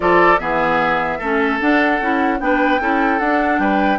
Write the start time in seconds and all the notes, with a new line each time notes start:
0.00 F3 F4 A4 D5
0.38 E3 B3 G#4 E5
1.18 A3 C#4 A4
1.59 D4 F#5
2.00 C#4 E4
2.39 B3 D4 B4 G5
2.80 C#4 E4 A4
3.19 D4 F#5
3.59 G3 B4 G5